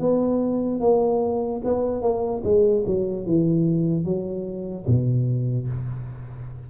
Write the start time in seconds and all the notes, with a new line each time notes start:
0.00 B3
0.80 A#3
1.64 B3
2.02 A#3
2.44 G#3
2.86 F#3
3.26 E3
4.05 F#3
4.87 B2